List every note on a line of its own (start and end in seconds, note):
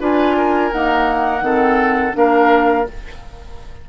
0.00 0.72 D4
0.00 0.71 F4
0.00 0.36 B4
0.00 0.72 G#5
0.37 1.44 A#4
0.72 1.43 A#3
0.72 1.41 D#4
0.72 2.15 F#5
1.41 2.12 D#3
1.41 2.12 C4
1.41 2.16 A4
2.12 2.87 A#3
2.12 2.83 D4
2.12 2.89 A#4
2.12 2.87 F5